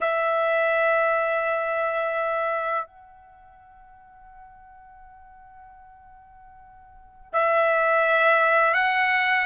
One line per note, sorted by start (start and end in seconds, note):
0.00 2.86 E5
2.86 7.32 F#5
7.32 8.74 E5
8.74 9.45 F#5